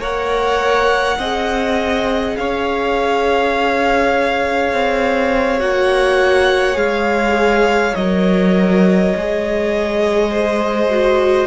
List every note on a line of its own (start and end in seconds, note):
0.00 1.18 A#3
0.00 1.19 A#4
0.00 1.18 C#5
0.00 2.37 F#5
1.19 2.37 C4
1.19 5.59 G#4
1.19 2.36 D#5
2.37 4.73 C#4
2.37 10.31 C#5
2.37 5.60 F5
4.73 5.61 C4
5.59 6.76 A#3
5.59 6.74 F#4
5.59 6.78 F#5
6.74 7.94 G#3
6.74 7.92 G#4
6.74 7.95 F5
7.95 9.14 F#3
7.95 9.16 A#4
7.95 11.47 D#5
9.16 11.47 G#3
9.16 10.90 G#4
10.31 11.47 C5
10.90 11.47 F#4